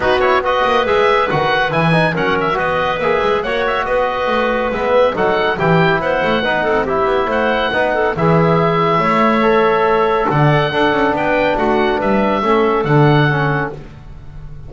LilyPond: <<
  \new Staff \with { instrumentName = "oboe" } { \time 4/4 \tempo 4 = 140 b'8 cis''8 dis''4 e''4 fis''4 | gis''4 fis''8 e''8 dis''4 e''4 | fis''8 e''8 dis''2 e''4 | fis''4 g''4 fis''2 |
e''4 fis''2 e''4~ | e''1 | fis''2 g''4 fis''4 | e''2 fis''2 | }
  \new Staff \with { instrumentName = "clarinet" } { \time 4/4 fis'4 b'2.~ | b'4 ais'4 b'2 | cis''4 b'2. | a'4 g'4 c''4 b'8 a'8 |
g'4 c''4 b'8 a'8 gis'4~ | gis'4 cis''2. | d''4 a'4 b'4 fis'4 | b'4 a'2. | }
  \new Staff \with { instrumentName = "trombone" } { \time 4/4 dis'8 e'8 fis'4 gis'4 fis'4 | e'8 dis'8 cis'4 fis'4 gis'4 | fis'2. b4 | dis'4 e'2 dis'4 |
e'2 dis'4 e'4~ | e'2 a'2~ | a'4 d'2.~ | d'4 cis'4 d'4 cis'4 | }
  \new Staff \with { instrumentName = "double bass" } { \time 4/4 b4. ais8 gis4 dis4 | e4 fis4 b4 ais8 gis8 | ais4 b4 a4 gis4 | fis4 e4 b8 a8 b8 c'8~ |
c'8 b8 a4 b4 e4~ | e4 a2. | d4 d'8 cis'8 b4 a4 | g4 a4 d2 | }
>>